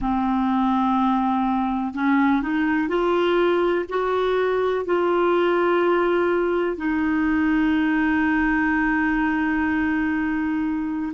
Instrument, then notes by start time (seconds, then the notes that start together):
clarinet
0.01 C4
1.94 C#4
2.41 D#4
2.88 F4
3.88 F#4
4.85 F4
6.77 D#4